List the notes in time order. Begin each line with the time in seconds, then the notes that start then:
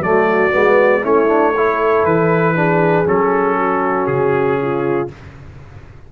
0.00 F#3 A3 F#4 D5
0.51 G#3 B3
1.02 A3 C#4 E4 C#5
1.28 D4
1.55 E4 A4
2.04 E3 B4
2.56 D4 G#4
3.05 F#3 C#4 A4
3.59 F#4
4.07 C#3 G#4
4.62 F4